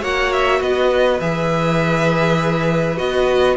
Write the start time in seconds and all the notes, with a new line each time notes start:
0.00 A#3 F#4 C#5 F#5
0.32 E5
0.59 B3 B4 D#5
1.20 E3 G#4 E5
2.97 B3 F#4 D#5